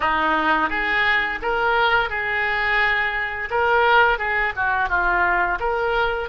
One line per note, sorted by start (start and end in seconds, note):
0.00 0.69 D#4
0.69 1.39 G#4
1.41 2.09 A#4
2.09 3.49 G#4
3.50 4.18 A#4
4.18 4.53 G#4
4.56 4.89 F#4
4.89 5.58 F4
5.59 6.29 A#4